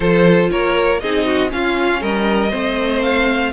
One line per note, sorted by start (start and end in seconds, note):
0.00 0.50 F3
0.00 1.00 F4
0.00 0.50 A4
0.00 0.50 C5
0.51 1.01 A#3
0.51 1.01 A#4
0.51 1.00 C#5
1.00 1.52 C4
1.00 1.48 D#4
1.00 1.26 G#4
1.00 1.50 D#5
1.26 1.51 F#4
1.48 2.49 C#4
1.48 2.01 C#4
1.48 2.00 F4
1.48 2.02 F5
2.00 2.52 G3
2.00 2.50 A#4
2.00 3.02 D#5
2.50 3.53 A3
2.50 3.51 C4
2.50 3.51 C5
3.02 3.52 F5